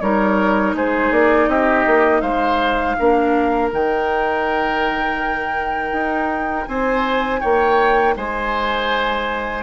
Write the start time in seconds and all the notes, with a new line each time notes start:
0.00 G3 D#4 A#4 C#5
0.73 G#3 G#4 C5
1.11 A#3 D5
1.47 C4 G4 D#5
1.86 A#3
2.21 G#3 C5 F5
2.98 A#3 D4 A#4
3.72 D#3 D#4 G5
5.92 D#4
6.66 C4 C5 G#5
7.40 A#3 C#5 G5
8.16 G#3 C5 G#5